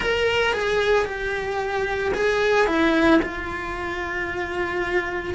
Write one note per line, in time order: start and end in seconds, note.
0.00 0.53 A#4
0.53 1.05 G#4
1.05 2.12 G4
2.14 2.66 G#4
2.66 3.20 E4
3.21 5.34 F4